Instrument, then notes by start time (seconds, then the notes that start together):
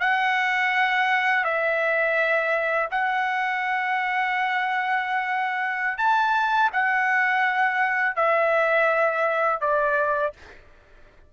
trumpet
0.00 F#5
1.44 E5
2.91 F#5
5.97 A5
6.72 F#5
8.16 E5
9.60 D5